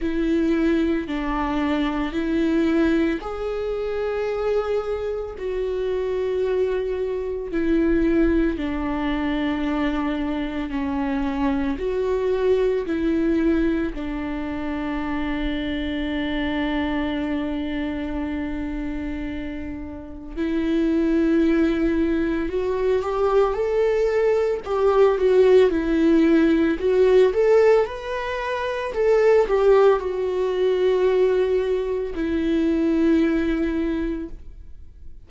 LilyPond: \new Staff \with { instrumentName = "viola" } { \time 4/4 \tempo 4 = 56 e'4 d'4 e'4 gis'4~ | gis'4 fis'2 e'4 | d'2 cis'4 fis'4 | e'4 d'2.~ |
d'2. e'4~ | e'4 fis'8 g'8 a'4 g'8 fis'8 | e'4 fis'8 a'8 b'4 a'8 g'8 | fis'2 e'2 | }